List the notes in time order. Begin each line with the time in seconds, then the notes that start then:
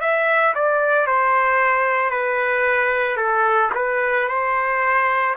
0.00 E5
0.55 D5
1.07 C5
2.10 B4
3.17 A4
3.75 B4
4.28 C5